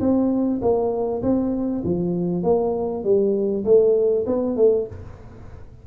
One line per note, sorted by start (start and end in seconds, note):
0.00 0.61 C4
0.61 1.22 A#3
1.22 1.83 C4
1.84 2.43 F3
2.43 3.04 A#3
3.04 3.64 G3
3.65 4.25 A3
4.26 4.56 B3
4.56 4.87 A3